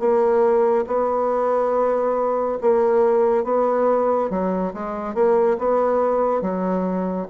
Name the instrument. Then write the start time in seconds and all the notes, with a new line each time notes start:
bassoon
0.00 A#3
0.87 B3
2.62 A#3
3.45 B3
4.31 F#3
4.74 G#3
5.15 A#3
5.59 B3
6.42 F#3